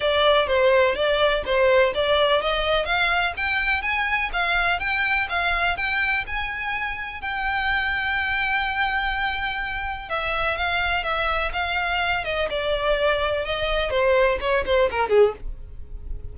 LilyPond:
\new Staff \with { instrumentName = "violin" } { \time 4/4 \tempo 4 = 125 d''4 c''4 d''4 c''4 | d''4 dis''4 f''4 g''4 | gis''4 f''4 g''4 f''4 | g''4 gis''2 g''4~ |
g''1~ | g''4 e''4 f''4 e''4 | f''4. dis''8 d''2 | dis''4 c''4 cis''8 c''8 ais'8 gis'8 | }